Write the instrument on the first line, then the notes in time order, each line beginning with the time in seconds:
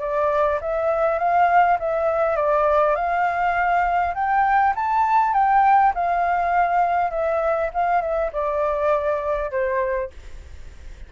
flute
0.00 D5
0.61 E5
1.19 F5
1.79 E5
2.36 D5
2.95 F5
4.14 G5
4.75 A5
5.34 G5
5.95 F5
7.11 E5
7.74 F5
8.01 E5
8.33 D5
9.51 C5